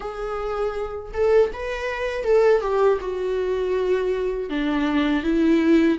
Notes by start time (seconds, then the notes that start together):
0.00 G#4
1.13 A4
1.53 B4
2.24 A4
2.61 G4
3.00 F#4
4.49 D4
5.23 E4